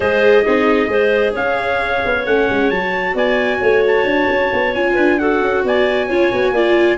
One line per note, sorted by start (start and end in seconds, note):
0.00 0.43 G#3
0.00 0.45 G#4
0.00 0.44 C5
0.00 1.35 D#5
0.44 0.87 C4
0.44 0.88 D#4
0.44 0.89 G#4
0.87 1.32 G#3
0.87 2.23 G#4
0.87 1.33 C5
1.33 2.02 C#4
1.33 3.13 C#5
1.33 2.25 F5
2.05 2.25 B3
2.25 2.48 A3
2.25 2.72 C#4
2.25 2.70 F#5
2.50 2.70 G#3
2.70 3.14 F#3
2.70 4.75 F#4
2.70 3.15 A5
3.14 3.59 B3
3.14 3.60 D5
3.14 3.85 G#5
3.60 4.04 A3
3.60 4.93 C#5
3.87 4.74 A5
4.04 4.27 D4
4.29 4.51 C#4
4.52 4.75 B3
4.74 4.97 C#4
4.74 5.20 F4
4.74 5.18 G#5
4.93 5.41 D4
4.93 5.16 B4
5.18 6.09 F#4
5.18 5.64 A4
5.18 5.64 F#5
5.41 5.64 C#4
5.64 6.08 B3
5.64 6.08 D5
5.64 6.98 G#5
6.08 6.31 C#4
6.08 6.32 F4
6.08 6.53 C#5
6.32 6.51 B3
6.32 6.54 F#4
6.51 6.96 A#3
6.51 6.98 F4
6.51 6.98 D5